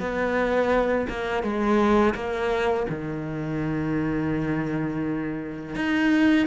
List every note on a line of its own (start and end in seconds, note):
0.00 1.07 B3
1.09 1.43 A#3
1.43 2.15 G#3
2.15 2.86 A#3
2.90 5.75 D#3
5.76 6.47 D#4